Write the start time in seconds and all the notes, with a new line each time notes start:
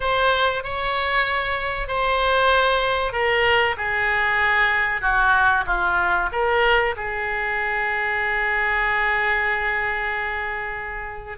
0.00 C5
0.63 C#5
1.87 C5
3.12 A#4
3.77 G#4
5.01 F#4
5.66 F4
6.32 A#4
6.96 G#4